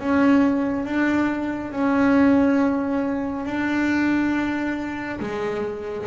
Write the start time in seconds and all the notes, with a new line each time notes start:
0.00 C#4
0.85 D4
1.72 C#4
3.45 D4
5.20 G#3